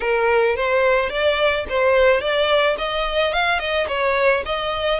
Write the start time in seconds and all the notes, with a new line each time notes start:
0.00 A#4
0.56 C5
1.09 D5
1.69 C5
2.20 D5
2.78 D#5
3.33 F5
3.59 D#5
3.88 C#5
4.45 D#5